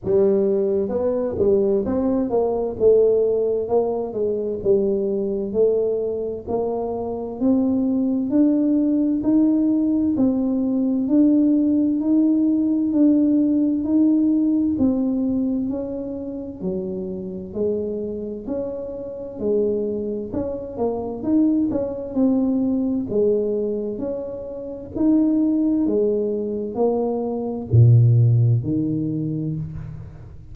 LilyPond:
\new Staff \with { instrumentName = "tuba" } { \time 4/4 \tempo 4 = 65 g4 b8 g8 c'8 ais8 a4 | ais8 gis8 g4 a4 ais4 | c'4 d'4 dis'4 c'4 | d'4 dis'4 d'4 dis'4 |
c'4 cis'4 fis4 gis4 | cis'4 gis4 cis'8 ais8 dis'8 cis'8 | c'4 gis4 cis'4 dis'4 | gis4 ais4 ais,4 dis4 | }